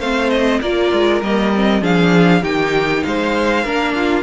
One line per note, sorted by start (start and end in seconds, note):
0.00 0.61 A3
0.00 0.63 C4
0.00 0.61 C5
0.00 0.31 F5
0.31 0.61 D#5
0.61 0.92 A#3
0.61 1.23 F4
0.61 1.82 A#4
0.61 1.22 D5
0.93 1.22 G#3
1.22 1.82 G3
1.22 1.54 A#3
1.22 1.84 D#5
1.55 1.82 C4
1.82 2.43 F3
1.82 2.43 D4
1.82 2.43 G#4
1.82 2.44 F5
2.43 3.03 D#3
2.43 3.65 D#4
2.43 3.03 G4
2.43 3.04 G5
3.04 3.65 G#3
3.04 3.65 C5
3.04 4.24 F5
3.65 4.24 A#3
3.65 4.24 D4
3.65 3.95 A#4
3.95 4.24 F4